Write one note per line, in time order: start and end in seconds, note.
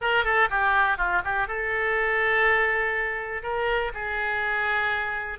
0.01 0.24 A#4
0.24 0.49 A4
0.50 0.97 G4
0.97 1.22 F4
1.24 1.47 G4
1.47 3.42 A4
3.42 3.92 A#4
3.93 5.39 G#4